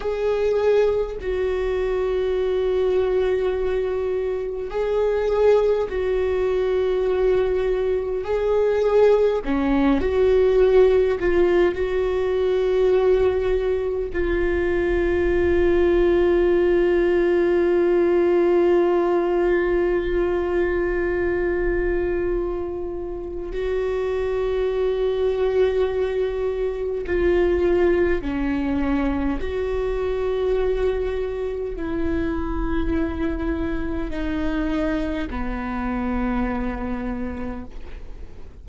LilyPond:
\new Staff \with { instrumentName = "viola" } { \time 4/4 \tempo 4 = 51 gis'4 fis'2. | gis'4 fis'2 gis'4 | cis'8 fis'4 f'8 fis'2 | f'1~ |
f'1 | fis'2. f'4 | cis'4 fis'2 e'4~ | e'4 dis'4 b2 | }